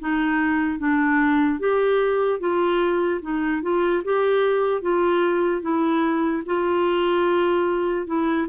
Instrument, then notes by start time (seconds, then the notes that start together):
clarinet
0.00 D#4
0.79 D4
1.60 G4
2.40 F4
3.22 D#4
3.62 F4
4.04 G4
4.82 F4
5.62 E4
6.46 F4
8.07 E4